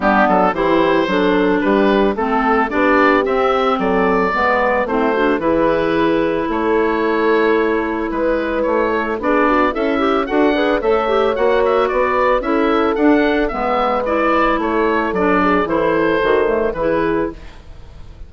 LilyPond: <<
  \new Staff \with { instrumentName = "oboe" } { \time 4/4 \tempo 4 = 111 g'8 a'8 c''2 b'4 | a'4 d''4 e''4 d''4~ | d''4 c''4 b'2 | cis''2. b'4 |
cis''4 d''4 e''4 fis''4 | e''4 fis''8 e''8 d''4 e''4 | fis''4 e''4 d''4 cis''4 | d''4 c''2 b'4 | }
  \new Staff \with { instrumentName = "horn" } { \time 4/4 d'4 g'4 a'4 g'4 | a'4 g'2 a'4 | b'4 e'8 fis'8 gis'2 | a'2. b'4~ |
b'8 a'8 gis'8 fis'8 e'4 a'8 b'8 | cis''2 b'4 a'4~ | a'4 b'2 a'4~ | a'8 gis'8 a'2 gis'4 | }
  \new Staff \with { instrumentName = "clarinet" } { \time 4/4 b4 e'4 d'2 | c'4 d'4 c'2 | b4 c'8 d'8 e'2~ | e'1~ |
e'4 d'4 a'8 g'8 fis'8 gis'8 | a'8 g'8 fis'2 e'4 | d'4 b4 e'2 | d'4 e'4 fis'8 a8 e'4 | }
  \new Staff \with { instrumentName = "bassoon" } { \time 4/4 g8 fis8 e4 fis4 g4 | a4 b4 c'4 fis4 | gis4 a4 e2 | a2. gis4 |
a4 b4 cis'4 d'4 | a4 ais4 b4 cis'4 | d'4 gis2 a4 | fis4 e4 dis4 e4 | }
>>